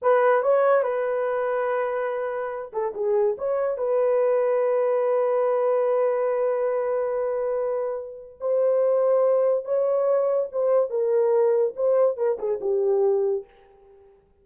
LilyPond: \new Staff \with { instrumentName = "horn" } { \time 4/4 \tempo 4 = 143 b'4 cis''4 b'2~ | b'2~ b'8 a'8 gis'4 | cis''4 b'2.~ | b'1~ |
b'1 | c''2. cis''4~ | cis''4 c''4 ais'2 | c''4 ais'8 gis'8 g'2 | }